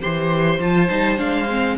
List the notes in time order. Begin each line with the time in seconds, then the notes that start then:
0.00 E3 G4 C5 C6
0.59 F3 F4 A5
0.89 G3 D#4
1.17 G#3 D4 F5
1.50 C4